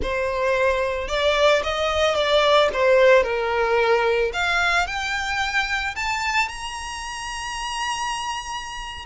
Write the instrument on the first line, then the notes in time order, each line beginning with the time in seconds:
violin
0.02 C5
1.08 D5
1.63 D#5
2.15 D5
2.73 C5
3.23 A#4
4.33 F5
4.86 G5
5.95 A5
6.48 A#5